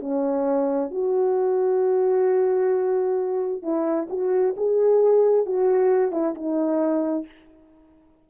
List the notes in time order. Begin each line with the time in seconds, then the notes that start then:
0.00 C#4
0.91 F#4
3.62 E4
4.09 F#4
4.57 G#4
5.46 F#4
6.12 E4
6.35 D#4